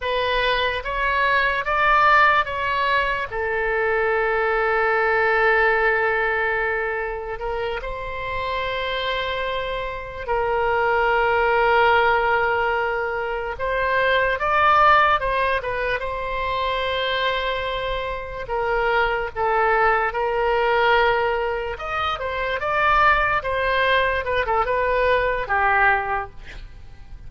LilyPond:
\new Staff \with { instrumentName = "oboe" } { \time 4/4 \tempo 4 = 73 b'4 cis''4 d''4 cis''4 | a'1~ | a'4 ais'8 c''2~ c''8~ | c''8 ais'2.~ ais'8~ |
ais'8 c''4 d''4 c''8 b'8 c''8~ | c''2~ c''8 ais'4 a'8~ | a'8 ais'2 dis''8 c''8 d''8~ | d''8 c''4 b'16 a'16 b'4 g'4 | }